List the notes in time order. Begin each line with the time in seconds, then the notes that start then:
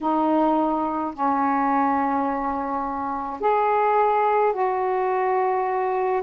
0.00 D#4
1.13 C#4
3.40 G#4
4.53 F#4